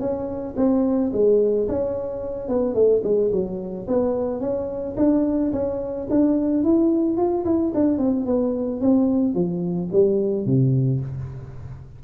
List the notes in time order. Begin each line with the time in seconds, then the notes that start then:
0.00 C#4
0.57 C4
1.13 G#3
1.69 C#4
2.49 B3
2.74 A3
3.04 G#3
3.32 F#3
3.88 B3
4.41 C#4
4.97 D4
5.53 C#4
6.10 D4
6.64 E4
7.17 F4
7.45 E4
7.75 D4
7.98 C4
8.26 B3
8.81 C4
9.35 F3
9.93 G3
10.46 C3